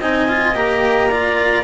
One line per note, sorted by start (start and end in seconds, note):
0.00 0.54 C4
0.00 0.29 D#4
0.00 1.10 D#5
0.00 0.57 G#5
0.29 0.55 F4
0.54 1.64 A#3
0.54 1.10 G4
0.54 1.64 A#5
1.11 1.64 F4
1.11 1.64 D5